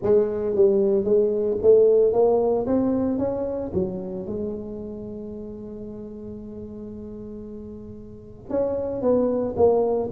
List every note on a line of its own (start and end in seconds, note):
0.02 0.55 G#3
0.55 1.04 G3
1.04 1.57 G#3
1.62 2.12 A3
2.12 2.65 A#3
2.66 3.18 C4
3.18 3.71 C#4
3.73 4.26 F#3
4.26 8.49 G#3
8.49 9.01 C#4
9.01 9.54 B3
9.56 10.09 A#3